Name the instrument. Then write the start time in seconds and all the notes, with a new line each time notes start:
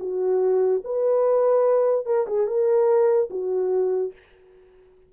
horn
0.00 F#4
0.84 B4
2.06 A#4
2.27 G#4
2.47 A#4
3.31 F#4